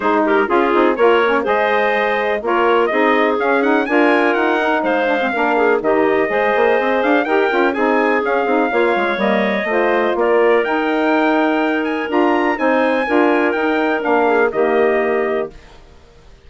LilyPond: <<
  \new Staff \with { instrumentName = "trumpet" } { \time 4/4 \tempo 4 = 124 c''8 ais'8 gis'4 cis''4 dis''4~ | dis''4 cis''4 dis''4 f''8 fis''8 | gis''4 fis''4 f''2 | dis''2~ dis''8 f''8 g''4 |
gis''4 f''2 dis''4~ | dis''4 d''4 g''2~ | g''8 gis''8 ais''4 gis''2 | g''4 f''4 dis''2 | }
  \new Staff \with { instrumentName = "clarinet" } { \time 4/4 gis'8 g'8 f'4 ais'4 c''4~ | c''4 ais'4 gis'2 | ais'2 c''4 ais'8 gis'8 | g'4 c''2 ais'4 |
gis'2 cis''2 | c''4 ais'2.~ | ais'2 c''4 ais'4~ | ais'4. gis'8 g'2 | }
  \new Staff \with { instrumentName = "saxophone" } { \time 4/4 dis'4 f'8 dis'8 f'8 cis'8 gis'4~ | gis'4 f'4 dis'4 cis'8 dis'8 | f'4. dis'4 d'16 c'16 d'4 | dis'4 gis'2 g'8 f'8 |
dis'4 cis'8 dis'8 f'4 ais4 | f'2 dis'2~ | dis'4 f'4 dis'4 f'4 | dis'4 d'4 ais2 | }
  \new Staff \with { instrumentName = "bassoon" } { \time 4/4 gis4 cis'8 c'8 ais4 gis4~ | gis4 ais4 c'4 cis'4 | d'4 dis'4 gis4 ais4 | dis4 gis8 ais8 c'8 d'8 dis'8 cis'8 |
c'4 cis'8 c'8 ais8 gis8 g4 | a4 ais4 dis'2~ | dis'4 d'4 c'4 d'4 | dis'4 ais4 dis2 | }
>>